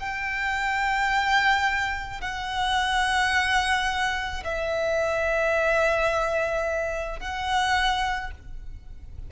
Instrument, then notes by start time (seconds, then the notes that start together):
violin
0.00 G5
2.21 F#5
4.45 E5
7.20 F#5